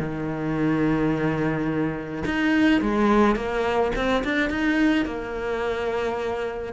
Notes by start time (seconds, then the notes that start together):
0.00 D#3
2.26 D#4
2.82 G#3
3.36 A#3
3.96 C4
4.25 D4
4.50 D#4
5.06 A#3